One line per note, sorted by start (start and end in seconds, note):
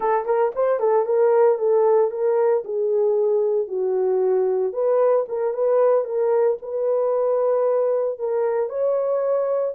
0.00 0.25 A4
0.25 0.51 A#4
0.55 0.79 C5
0.79 1.05 A4
1.05 1.58 A#4
1.58 2.11 A4
2.11 2.63 A#4
2.64 3.67 G#4
3.67 4.72 F#4
4.72 5.25 B4
5.28 5.53 A#4
5.53 6.04 B4
6.04 6.57 A#4
6.61 8.18 B4
8.18 8.69 A#4
8.69 9.74 C#5